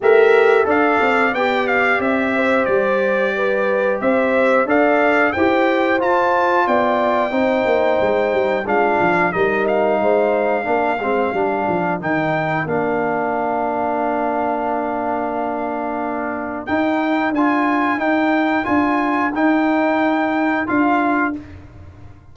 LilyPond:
<<
  \new Staff \with { instrumentName = "trumpet" } { \time 4/4 \tempo 4 = 90 e''4 f''4 g''8 f''8 e''4 | d''2 e''4 f''4 | g''4 a''4 g''2~ | g''4 f''4 dis''8 f''4.~ |
f''2 g''4 f''4~ | f''1~ | f''4 g''4 gis''4 g''4 | gis''4 g''2 f''4 | }
  \new Staff \with { instrumentName = "horn" } { \time 4/4 g'4 d''2~ d''8 c''8~ | c''4 b'4 c''4 d''4 | c''2 d''4 c''4~ | c''4 f'4 ais'4 c''4 |
ais'1~ | ais'1~ | ais'1~ | ais'1 | }
  \new Staff \with { instrumentName = "trombone" } { \time 4/4 ais'4 a'4 g'2~ | g'2. a'4 | g'4 f'2 dis'4~ | dis'4 d'4 dis'2 |
d'8 c'8 d'4 dis'4 d'4~ | d'1~ | d'4 dis'4 f'4 dis'4 | f'4 dis'2 f'4 | }
  \new Staff \with { instrumentName = "tuba" } { \time 4/4 a4 d'8 c'8 b4 c'4 | g2 c'4 d'4 | e'4 f'4 b4 c'8 ais8 | gis8 g8 gis8 f8 g4 gis4 |
ais8 gis8 g8 f8 dis4 ais4~ | ais1~ | ais4 dis'4 d'4 dis'4 | d'4 dis'2 d'4 | }
>>